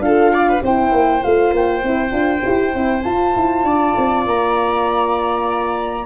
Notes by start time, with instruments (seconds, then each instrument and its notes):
0.00 tuba D4, horn F4, viola A4, flute F5
0.34 viola D5
0.49 viola B4
0.62 tuba C4, horn E4, viola C5, flute G5
0.92 tuba A#3
1.23 tuba A3, horn F4, flute F5
1.53 tuba A#3, flute G5
1.84 tuba C4, horn E4
2.12 tuba D4, horn F4
2.44 tuba E4, horn G4
2.75 tuba C4, horn E4
3.03 tuba F4, horn F4, flute A5
3.36 tuba E4
3.64 tuba D4, viola D5
3.97 tuba C4
4.26 tuba A#3, flute A#5